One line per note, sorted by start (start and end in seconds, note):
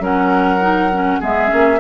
0.00 1.19 F#3
0.00 0.60 C#4
0.00 1.20 A#4
0.00 1.23 F#5
0.61 0.90 D#4
0.92 1.21 C#4
1.20 1.52 G#3
1.20 1.48 B3
1.20 1.79 G#4
1.20 1.80 E5
1.48 1.80 A#3
1.48 1.77 C#4